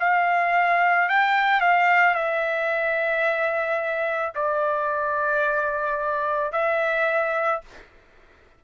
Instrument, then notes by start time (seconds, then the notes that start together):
trumpet
0.00 F5
1.09 G5
1.61 F5
2.15 E5
4.35 D5
6.53 E5